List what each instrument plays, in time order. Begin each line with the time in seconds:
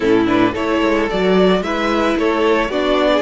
0.00 cello A2, viola C#4, violin E4 A4
0.26 viola D4, violin B4
0.52 cello A3, viola E4, violin A4 C#5
0.81 cello G#3
1.10 cello F#3, viola F#4, violin D5
1.61 cello G#3, viola E4, violin B4 E5
2.16 cello A3, violin A4 C#5
2.68 cello B3, viola D4, violin F#4 D5
3.12 violin G#4